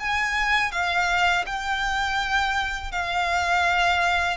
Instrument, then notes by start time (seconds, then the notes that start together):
violin
0.00 G#5
0.72 F5
1.47 G5
2.92 F5